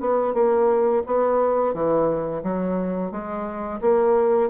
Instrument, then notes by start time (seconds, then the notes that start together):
bassoon
0.00 B3
0.34 A#3
1.06 B3
1.73 E3
2.43 F#3
3.11 G#3
3.81 A#3